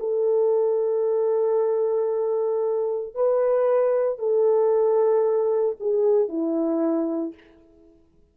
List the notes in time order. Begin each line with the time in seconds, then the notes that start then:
0.00 A4
3.15 B4
4.19 A4
5.80 G#4
6.29 E4